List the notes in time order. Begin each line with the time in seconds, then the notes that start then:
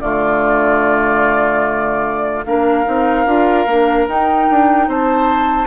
0.00 D3 A3 F4 D5
2.45 A#3 D4 A#4 F5
2.84 C4 D#4
3.26 D4 F4
3.66 A#3 D4
4.07 D#4 G5
4.50 D4
4.87 C4 C5 A5